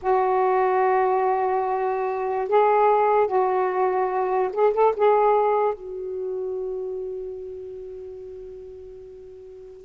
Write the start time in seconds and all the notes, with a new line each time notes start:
0.01 F#4
2.48 G#4
3.27 F#4
4.52 G#4
4.73 A4
4.96 G#4
5.74 F#4